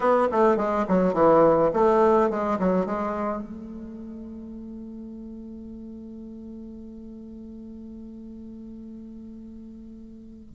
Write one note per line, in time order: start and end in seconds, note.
0.00 0.28 B3
0.31 0.57 A3
0.57 0.85 G#3
0.88 1.13 F#3
1.13 1.70 E3
1.73 2.30 A3
2.30 2.58 G#3
2.59 2.85 F#3
2.85 3.42 G#3
3.42 10.54 A3